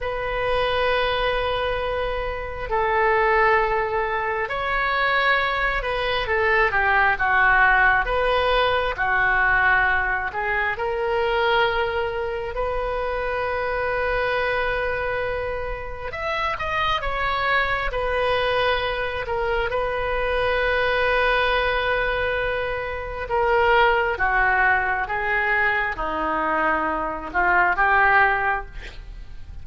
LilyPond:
\new Staff \with { instrumentName = "oboe" } { \time 4/4 \tempo 4 = 67 b'2. a'4~ | a'4 cis''4. b'8 a'8 g'8 | fis'4 b'4 fis'4. gis'8 | ais'2 b'2~ |
b'2 e''8 dis''8 cis''4 | b'4. ais'8 b'2~ | b'2 ais'4 fis'4 | gis'4 dis'4. f'8 g'4 | }